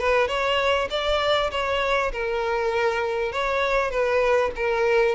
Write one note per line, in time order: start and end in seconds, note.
0.00 0.28 B4
0.28 0.88 C#5
0.90 1.51 D5
1.51 2.12 C#5
2.12 3.32 A#4
3.32 3.91 C#5
3.91 4.51 B4
4.56 5.15 A#4